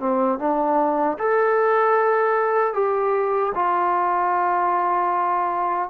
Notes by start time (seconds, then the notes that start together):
0.00 C4
0.39 D4
1.19 A4
2.74 G4
3.55 F4